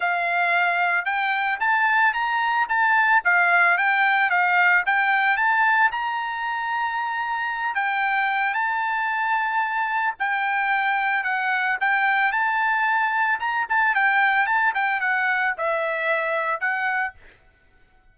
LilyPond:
\new Staff \with { instrumentName = "trumpet" } { \time 4/4 \tempo 4 = 112 f''2 g''4 a''4 | ais''4 a''4 f''4 g''4 | f''4 g''4 a''4 ais''4~ | ais''2~ ais''8 g''4. |
a''2. g''4~ | g''4 fis''4 g''4 a''4~ | a''4 ais''8 a''8 g''4 a''8 g''8 | fis''4 e''2 fis''4 | }